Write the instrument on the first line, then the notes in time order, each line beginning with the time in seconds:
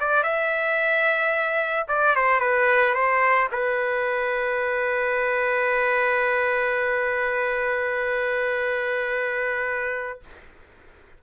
trumpet
0.00 D5
0.23 E5
1.88 D5
2.16 C5
2.40 B4
2.94 C5
3.52 B4